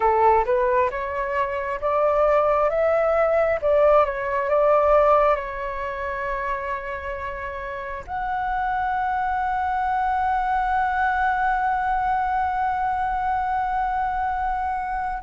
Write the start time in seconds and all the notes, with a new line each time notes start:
0.00 A4
0.45 B4
0.90 C#5
1.80 D5
2.69 E5
3.61 D5
4.05 C#5
4.49 D5
5.35 C#5
8.06 F#5